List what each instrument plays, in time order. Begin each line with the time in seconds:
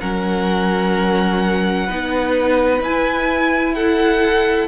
0.00 cello F#3, viola C#4, violin A#4 F#5
1.86 cello B3, viola D#4, violin B4
2.80 cello E4, viola E4, violin G#5
3.74 violin A4 F#5